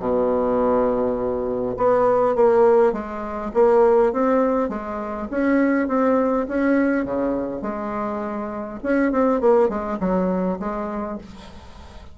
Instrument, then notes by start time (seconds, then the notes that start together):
bassoon
0.00 B2
1.78 B3
2.36 A#3
2.93 G#3
3.54 A#3
4.13 C4
4.70 G#3
5.31 C#4
5.88 C4
6.49 C#4
7.06 C#3
7.62 G#3
8.83 C#4
9.12 C4
9.41 A#3
9.69 G#3
10.00 F#3
10.60 G#3